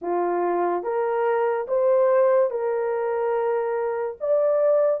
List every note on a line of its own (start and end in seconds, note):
0.01 0.83 F4
0.83 1.66 A#4
1.67 2.50 C5
2.50 4.17 A#4
4.20 5.00 D5